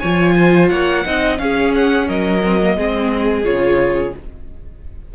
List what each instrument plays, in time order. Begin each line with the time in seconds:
0.00 cello F3, viola F4, violin C#5 G#5
0.37 violin C5
0.69 cello A#3, violin C#5 F#5
1.05 cello C4, viola D#4, violin D#5
1.38 viola C#4, cello C#4, violin G#4 F5
1.75 violin F#5
2.08 cello F#3, violin A#4 D#5
2.44 viola C4
2.62 viola A#3
2.77 cello G#3, viola C4, violin G#4
3.45 cello C#3, viola F4, violin C#5